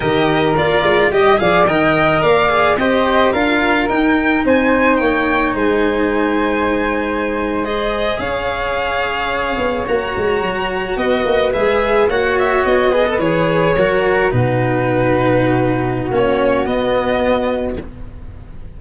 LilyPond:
<<
  \new Staff \with { instrumentName = "violin" } { \time 4/4 \tempo 4 = 108 dis''4 d''4 dis''8 f''8 g''4 | f''4 dis''4 f''4 g''4 | gis''4 g''4 gis''2~ | gis''4.~ gis''16 dis''4 f''4~ f''16~ |
f''4.~ f''16 ais''2 dis''16~ | dis''8. e''4 fis''8 e''8 dis''4 cis''16~ | cis''4.~ cis''16 b'2~ b'16~ | b'4 cis''4 dis''2 | }
  \new Staff \with { instrumentName = "flute" } { \time 4/4 ais'2 dis''8 d''8 dis''4 | d''4 c''4 ais'2 | c''4 cis''4 c''2~ | c''2~ c''8. cis''4~ cis''16~ |
cis''2.~ cis''8. b'16~ | b'4.~ b'16 cis''4. b'8.~ | b'8. ais'4 fis'2~ fis'16~ | fis'1 | }
  \new Staff \with { instrumentName = "cello" } { \time 4/4 g'4 f'4 g'8 gis'8 ais'4~ | ais'8 gis'8 g'4 f'4 dis'4~ | dis'1~ | dis'4.~ dis'16 gis'2~ gis'16~ |
gis'4.~ gis'16 fis'2~ fis'16~ | fis'8. gis'4 fis'4. gis'16 a'16 gis'16~ | gis'8. fis'4 dis'2~ dis'16~ | dis'4 cis'4 b2 | }
  \new Staff \with { instrumentName = "tuba" } { \time 4/4 dis4 ais8 gis8 g8 f8 dis4 | ais4 c'4 d'4 dis'4 | c'4 ais4 gis2~ | gis2~ gis8. cis'4~ cis'16~ |
cis'4~ cis'16 b8 ais8 gis8 fis4 b16~ | b16 ais8 gis4 ais4 b4 e16~ | e8. fis4 b,2~ b,16~ | b,4 ais4 b2 | }
>>